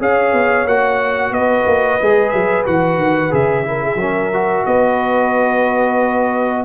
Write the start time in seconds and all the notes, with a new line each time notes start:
0.00 C#4 G#4 C#5 F5
0.33 B3
0.66 A#3 F#4 F#5
1.31 B3 B4 D#5
1.67 A#3
2.02 G#3 G#4
2.30 F#3 E5
2.67 E3 F#4 F#5
2.98 D#3
3.31 C#3 G#4 E5
3.65 E4 A#4
3.84 G#4
3.96 F#3 C#4 A#4
4.33 F#4
4.66 B3 B4 D#5